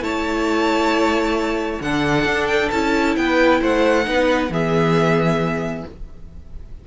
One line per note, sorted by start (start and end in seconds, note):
0.00 1.79 A3
0.00 1.80 E4
0.00 1.83 C#5
0.00 1.81 A5
1.80 2.25 D3
1.80 2.72 D4
1.80 3.18 A4
1.80 2.47 F#5
2.25 2.69 D4
2.47 2.69 G5
2.71 3.16 C#4
2.71 4.04 E4
2.71 3.15 A5
3.16 3.61 B3
3.16 3.60 B4
3.16 3.61 G5
3.60 4.06 A3
3.60 4.05 C5
3.60 4.53 F#5
4.04 4.49 B3
4.04 4.49 D#4
4.04 4.51 B4
4.49 5.84 E3
4.49 5.86 B3
4.49 5.86 G#4
4.49 5.87 E5